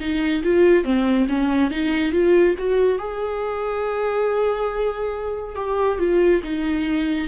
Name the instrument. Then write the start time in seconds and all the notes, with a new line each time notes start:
viola
0.00 D#4
0.43 F4
0.84 C4
1.28 C#4
1.71 D#4
2.12 F4
2.58 F#4
2.98 G#4
5.56 G4
5.99 F4
6.43 D#4